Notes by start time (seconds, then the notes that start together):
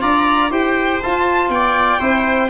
0.00 D4 F4 D5 A#5
0.50 E4 G4 C5 G5
1.03 F4 A5
1.49 B3 D5 G5
1.99 C4 E4 C5